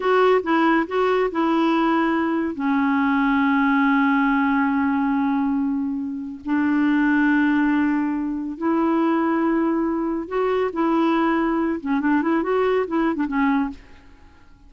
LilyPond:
\new Staff \with { instrumentName = "clarinet" } { \time 4/4 \tempo 4 = 140 fis'4 e'4 fis'4 e'4~ | e'2 cis'2~ | cis'1~ | cis'2. d'4~ |
d'1 | e'1 | fis'4 e'2~ e'8 cis'8 | d'8 e'8 fis'4 e'8. d'16 cis'4 | }